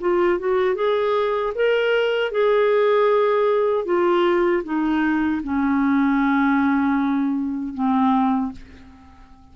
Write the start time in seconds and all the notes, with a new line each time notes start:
0.00 F4
0.39 F#4
0.75 G#4
1.55 A#4
2.31 G#4
3.85 F4
4.64 D#4
5.43 C#4
7.74 C4